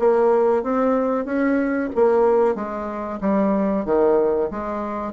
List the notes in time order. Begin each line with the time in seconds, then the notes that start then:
0.00 A#3
0.64 C4
1.26 C#4
1.96 A#3
2.55 G#3
3.21 G3
3.86 D#3
4.52 G#3